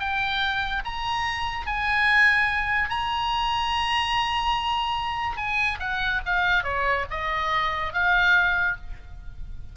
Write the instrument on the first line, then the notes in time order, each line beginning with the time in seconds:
oboe
0.00 G5
0.85 A#5
1.67 G#5
2.90 A#5
5.37 G#5
5.80 F#5
6.26 F5
6.64 C#5
7.11 D#5
7.94 F5